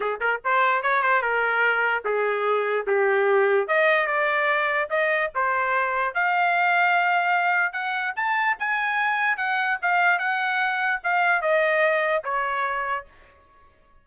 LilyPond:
\new Staff \with { instrumentName = "trumpet" } { \time 4/4 \tempo 4 = 147 gis'8 ais'8 c''4 cis''8 c''8 ais'4~ | ais'4 gis'2 g'4~ | g'4 dis''4 d''2 | dis''4 c''2 f''4~ |
f''2. fis''4 | a''4 gis''2 fis''4 | f''4 fis''2 f''4 | dis''2 cis''2 | }